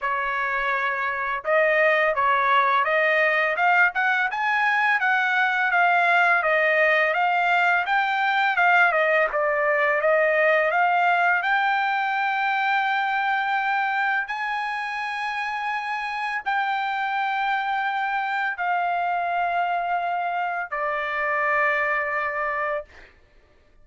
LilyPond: \new Staff \with { instrumentName = "trumpet" } { \time 4/4 \tempo 4 = 84 cis''2 dis''4 cis''4 | dis''4 f''8 fis''8 gis''4 fis''4 | f''4 dis''4 f''4 g''4 | f''8 dis''8 d''4 dis''4 f''4 |
g''1 | gis''2. g''4~ | g''2 f''2~ | f''4 d''2. | }